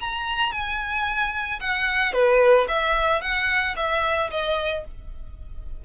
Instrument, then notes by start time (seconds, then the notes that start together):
violin
0.00 A#5
0.52 G#5
1.60 F#5
2.13 B4
2.68 E5
3.21 F#5
3.76 E5
4.31 D#5